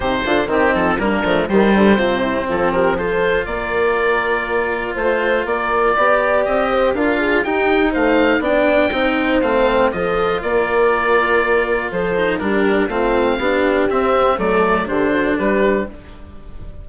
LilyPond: <<
  \new Staff \with { instrumentName = "oboe" } { \time 4/4 \tempo 4 = 121 c''4 g'8 a'8 ais'4 c''4~ | c''4 a'8 ais'8 c''4 d''4~ | d''2 c''4 d''4~ | d''4 dis''4 f''4 g''4 |
f''4 g''2 f''4 | dis''4 d''2. | c''4 ais'4 f''2 | e''4 d''4 c''4 b'4 | }
  \new Staff \with { instrumentName = "horn" } { \time 4/4 g'8 f'8 dis'4 d'4 g'4 | f'8 e'8 f'8 g'8 a'4 ais'4~ | ais'2 c''4 ais'4 | d''4. c''8 ais'8 gis'8 g'4 |
c''4 d''4 c''2 | a'4 ais'2. | a'4 g'4 f'4 g'4~ | g'4 a'4 g'8 fis'8 g'4 | }
  \new Staff \with { instrumentName = "cello" } { \time 4/4 dis'8 d'8 c'4 ais8 a8 g4 | c'2 f'2~ | f'1 | g'2 f'4 dis'4~ |
dis'4 d'4 dis'4 c'4 | f'1~ | f'8 dis'8 d'4 c'4 d'4 | c'4 a4 d'2 | }
  \new Staff \with { instrumentName = "bassoon" } { \time 4/4 c8 d8 dis8 f8 g8 f8 dis8 d8 | c4 f2 ais4~ | ais2 a4 ais4 | b4 c'4 d'4 dis'4 |
a4 b4 c'4 a4 | f4 ais2. | f4 g4 a4 b4 | c'4 fis4 d4 g4 | }
>>